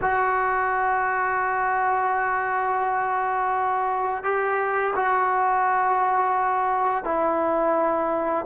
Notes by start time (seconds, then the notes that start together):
0.01 F#4
4.23 G4
4.95 F#4
7.04 E4